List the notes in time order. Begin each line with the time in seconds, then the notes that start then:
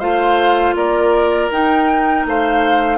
0.00 A3 F4 C5 F5
0.75 A#3 A#4 D5
1.51 D#4 G5
2.26 A3 C5 F5